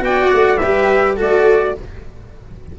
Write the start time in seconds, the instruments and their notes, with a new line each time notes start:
0.00 tuba B3, cello F#4, viola D5, trumpet G5
0.31 tuba A3, trumpet F#5
0.58 tuba G3, cello G4, viola B4, trumpet E5
1.15 tuba A3, cello F#4, viola A4
1.22 trumpet D5